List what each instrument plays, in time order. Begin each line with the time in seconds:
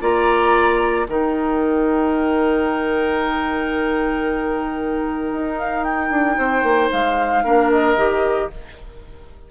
0.00 bassoon A#3, clarinet F4, oboe D5, flute A#5
1.07 bassoon D#3, clarinet D#4, oboe A#4, flute G5
5.32 bassoon D#4
5.58 flute F5
5.83 flute G5
6.10 bassoon D4
6.37 bassoon C4, oboe C5
6.63 bassoon A#3
6.92 bassoon G#3, flute F5
7.44 bassoon A#3, clarinet D4, oboe A#4
7.71 flute D#5
7.96 bassoon D#3, clarinet G4